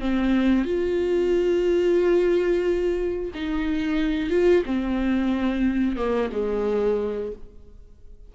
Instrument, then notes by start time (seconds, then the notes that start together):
viola
0.00 C4
0.65 F4
3.34 D#4
4.30 F4
4.65 C4
5.96 A#3
6.32 G#3